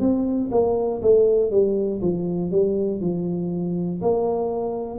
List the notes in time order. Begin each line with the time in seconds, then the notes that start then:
0.00 C4
0.50 A#3
1.01 A3
1.50 G3
2.01 F3
2.51 G3
3.00 F3
4.01 A#3